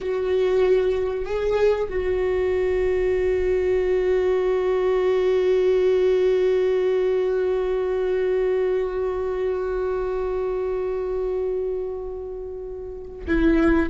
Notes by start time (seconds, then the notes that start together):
0.01 F#4
1.25 G#4
1.89 F#4
13.27 E4